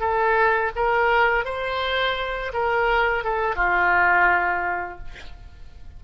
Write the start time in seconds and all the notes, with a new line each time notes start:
0.00 A4
0.76 A#4
1.45 C5
2.53 A#4
3.24 A4
3.56 F4